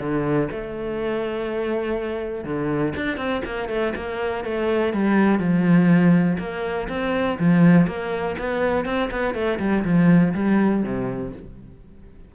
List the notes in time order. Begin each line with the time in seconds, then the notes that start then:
0.00 D3
0.51 A3
2.45 D3
2.97 D4
3.17 C4
3.46 A#3
3.69 A3
3.96 A#3
4.45 A3
4.93 G3
5.39 F3
6.39 A#3
6.89 C4
7.39 F3
7.87 A#3
8.39 B3
8.86 C4
9.11 B3
9.35 A3
9.59 G3
9.85 F3
10.34 G3
10.83 C3